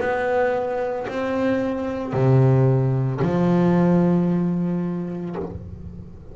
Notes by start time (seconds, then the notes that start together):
0.00 B3
1.08 C4
2.13 C3
3.21 F3